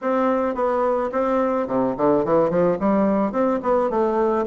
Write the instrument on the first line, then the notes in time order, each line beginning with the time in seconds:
bassoon
0.01 C4
0.55 B3
1.12 C4
1.67 C3
1.97 D3
2.24 E3
2.49 F3
2.79 G3
3.32 C4
3.62 B3
3.89 A3